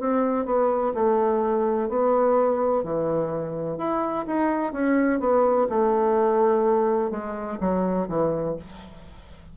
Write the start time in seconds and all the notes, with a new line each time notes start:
0.00 C4
0.46 B3
0.94 A3
1.90 B3
2.84 E3
3.78 E4
4.27 D#4
4.73 C#4
5.20 B3
5.70 A3
7.11 G#3
7.61 F#3
8.09 E3